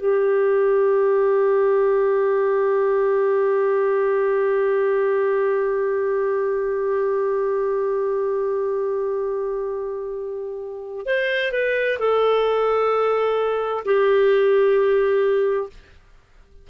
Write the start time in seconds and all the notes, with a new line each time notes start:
0.00 G4
11.06 C5
11.52 B4
12.00 A4
13.85 G4